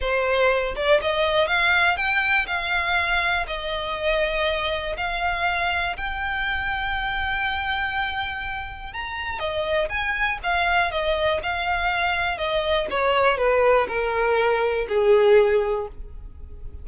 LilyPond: \new Staff \with { instrumentName = "violin" } { \time 4/4 \tempo 4 = 121 c''4. d''8 dis''4 f''4 | g''4 f''2 dis''4~ | dis''2 f''2 | g''1~ |
g''2 ais''4 dis''4 | gis''4 f''4 dis''4 f''4~ | f''4 dis''4 cis''4 b'4 | ais'2 gis'2 | }